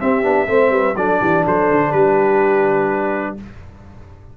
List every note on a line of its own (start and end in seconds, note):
0.00 0.23 C4
0.00 0.24 C4
0.00 0.49 G4
0.00 0.96 E5
0.23 0.48 B3
0.23 0.47 D4
0.47 0.70 A3
0.47 0.95 C4
0.47 0.72 C5
0.70 0.95 G3
0.70 0.96 B4
0.96 1.20 F#3
0.96 3.38 D4
0.96 1.20 A4
0.96 1.44 D5
1.20 1.46 E3
1.20 1.44 G4
1.46 1.71 F#3
1.46 1.91 A4
1.46 1.92 C5
1.71 1.93 D3
1.91 3.37 G3
1.91 3.35 G4
1.91 3.36 B4